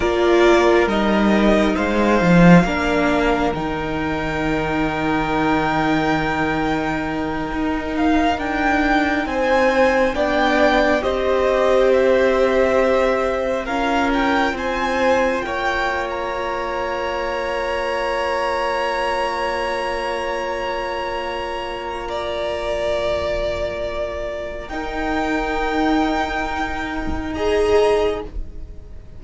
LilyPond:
<<
  \new Staff \with { instrumentName = "violin" } { \time 4/4 \tempo 4 = 68 d''4 dis''4 f''2 | g''1~ | g''4 f''8 g''4 gis''4 g''8~ | g''8 dis''4 e''2 f''8 |
g''8 gis''4 g''8. ais''4.~ ais''16~ | ais''1~ | ais''1 | g''2. ais''4 | }
  \new Staff \with { instrumentName = "violin" } { \time 4/4 ais'2 c''4 ais'4~ | ais'1~ | ais'2~ ais'8 c''4 d''8~ | d''8 c''2. ais'8~ |
ais'8 c''4 cis''2~ cis''8~ | cis''1~ | cis''4 d''2. | ais'2. dis''4 | }
  \new Staff \with { instrumentName = "viola" } { \time 4/4 f'4 dis'2 d'4 | dis'1~ | dis'2.~ dis'8 d'8~ | d'8 g'2. f'8~ |
f'1~ | f'1~ | f'1 | dis'2. gis'4 | }
  \new Staff \with { instrumentName = "cello" } { \time 4/4 ais4 g4 gis8 f8 ais4 | dis1~ | dis8 dis'4 d'4 c'4 b8~ | b8 c'2. cis'8~ |
cis'8 c'4 ais2~ ais8~ | ais1~ | ais1 | dis'1 | }
>>